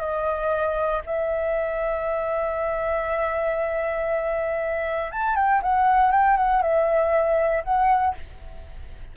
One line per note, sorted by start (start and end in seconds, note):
0.00 1.02 D#5
1.06 5.11 E5
5.11 5.36 A5
5.36 5.61 G5
5.62 6.12 F#5
6.12 6.37 G5
6.37 6.62 F#5
6.62 7.63 E5
7.64 8.15 F#5